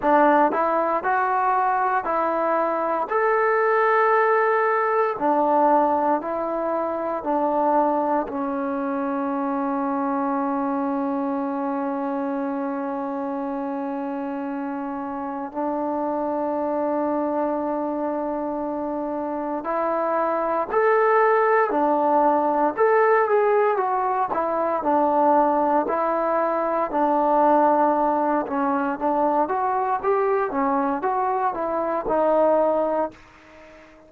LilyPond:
\new Staff \with { instrumentName = "trombone" } { \time 4/4 \tempo 4 = 58 d'8 e'8 fis'4 e'4 a'4~ | a'4 d'4 e'4 d'4 | cis'1~ | cis'2. d'4~ |
d'2. e'4 | a'4 d'4 a'8 gis'8 fis'8 e'8 | d'4 e'4 d'4. cis'8 | d'8 fis'8 g'8 cis'8 fis'8 e'8 dis'4 | }